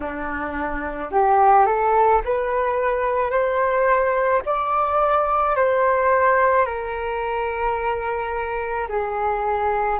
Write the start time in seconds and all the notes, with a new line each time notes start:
0.00 D4
1.11 G4
1.66 A4
2.24 B4
3.30 C5
4.45 D5
5.56 C5
6.65 A#4
8.88 G#4